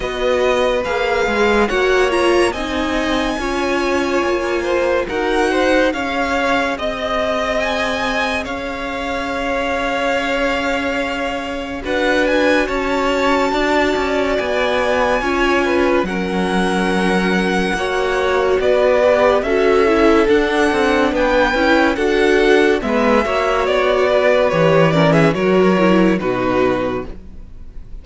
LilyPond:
<<
  \new Staff \with { instrumentName = "violin" } { \time 4/4 \tempo 4 = 71 dis''4 f''4 fis''8 ais''8 gis''4~ | gis''2 fis''4 f''4 | dis''4 gis''4 f''2~ | f''2 fis''8 gis''8 a''4~ |
a''4 gis''2 fis''4~ | fis''2 d''4 e''4 | fis''4 g''4 fis''4 e''4 | d''4 cis''8 d''16 e''16 cis''4 b'4 | }
  \new Staff \with { instrumentName = "violin" } { \time 4/4 b'2 cis''4 dis''4 | cis''4. c''8 ais'8 c''8 cis''4 | dis''2 cis''2~ | cis''2 b'4 cis''4 |
d''2 cis''8 b'8 ais'4~ | ais'4 cis''4 b'4 a'4~ | a'4 b'4 a'4 b'8 cis''8~ | cis''8 b'4 ais'16 gis'16 ais'4 fis'4 | }
  \new Staff \with { instrumentName = "viola" } { \time 4/4 fis'4 gis'4 fis'8 f'8 dis'4 | f'2 fis'4 gis'4~ | gis'1~ | gis'2 fis'2~ |
fis'2 f'4 cis'4~ | cis'4 fis'4. g'8 fis'8 e'8 | d'4. e'8 fis'4 b8 fis'8~ | fis'4 g'8 cis'8 fis'8 e'8 dis'4 | }
  \new Staff \with { instrumentName = "cello" } { \time 4/4 b4 ais8 gis8 ais4 c'4 | cis'4 ais4 dis'4 cis'4 | c'2 cis'2~ | cis'2 d'4 cis'4 |
d'8 cis'8 b4 cis'4 fis4~ | fis4 ais4 b4 cis'4 | d'8 c'8 b8 cis'8 d'4 gis8 ais8 | b4 e4 fis4 b,4 | }
>>